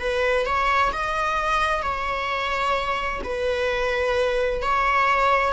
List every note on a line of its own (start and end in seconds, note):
0.00 0.46 B4
0.46 0.92 C#5
0.92 1.83 D#5
1.83 3.21 C#5
3.23 4.62 B4
4.62 5.53 C#5